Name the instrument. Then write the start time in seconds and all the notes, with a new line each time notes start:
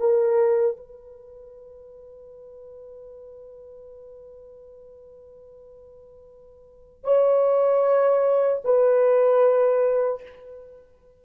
horn
0.00 A#4
0.77 B4
7.04 C#5
8.65 B4